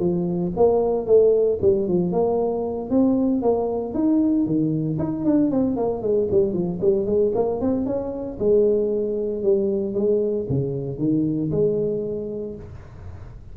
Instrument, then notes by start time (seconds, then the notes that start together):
tuba
0.00 F3
0.57 A#3
1.07 A3
1.62 G3
1.88 F3
2.12 A#3
2.90 C4
3.42 A#3
3.94 D#4
4.46 D#3
4.99 D#4
5.25 D4
5.51 C4
5.77 A#3
6.02 G#3
6.31 G3
6.54 F3
6.81 G3
7.06 G#3
7.35 A#3
7.61 C4
7.86 C#4
8.39 G#3
9.43 G3
9.95 G#3
10.50 C#3
10.99 D#3
11.51 G#3